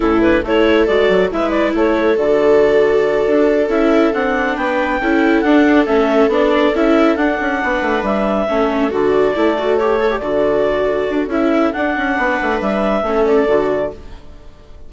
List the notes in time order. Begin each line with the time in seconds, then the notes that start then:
0.00 A2 C#4 E4 A4
0.22 D4 B4
0.43 A3 E4 A4 C#5
0.86 G#3 F#4 D5
1.08 F#3
1.31 G#3 E4 B4 E5
1.50 D5
1.73 A3 A4 C#5
2.16 D3 F#4 D5
3.27 D4
3.68 C#4 E4 E5
4.13 C4 D4 F#5
4.56 B3 B4 G5
5.00 C#4 E4 A4
5.40 D4 F#5
5.86 A3 C#4 E5
6.27 B3 D4 D5
6.74 C#4 E4 E5
7.16 D4 F#5
7.40 C#4
7.63 B3 B4
7.81 A3
8.02 G3 E5
8.48 A3 C#4 A4
8.90 D3 F#4 D5
9.35 A3 E4
9.57 F#4
9.76 G4 C#5
10.00 A4
10.10 G4
10.18 D3 F#4 D5
11.10 D4
11.27 C#4 E4 E5
11.72 D4 F#5
11.96 C#4
12.17 B3 B4
12.41 A3
12.60 G3 E5
13.02 A3 C#4 A4
13.25 D5
13.48 D3 F#4